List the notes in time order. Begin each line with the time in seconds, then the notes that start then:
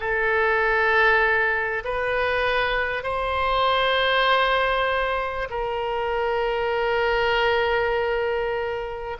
0.00 A4
1.85 B4
3.03 C5
5.50 A#4